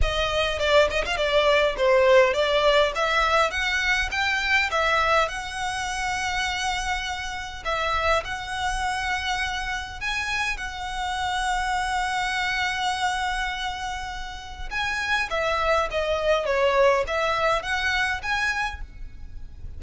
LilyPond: \new Staff \with { instrumentName = "violin" } { \time 4/4 \tempo 4 = 102 dis''4 d''8 dis''16 f''16 d''4 c''4 | d''4 e''4 fis''4 g''4 | e''4 fis''2.~ | fis''4 e''4 fis''2~ |
fis''4 gis''4 fis''2~ | fis''1~ | fis''4 gis''4 e''4 dis''4 | cis''4 e''4 fis''4 gis''4 | }